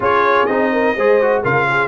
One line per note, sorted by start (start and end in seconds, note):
0.00 0.46 C#4
0.00 0.47 F4
0.00 0.72 G#4
0.00 0.45 C#5
0.45 0.95 C4
0.45 0.96 D#4
0.45 1.41 D#5
0.72 0.96 A#4
0.95 1.43 G#3
0.95 1.21 G#4
0.95 1.42 C5
1.21 1.44 F#4
1.42 1.87 C#3
1.42 1.87 F4
1.42 1.66 A#4
1.42 1.87 F5
1.67 1.87 G#4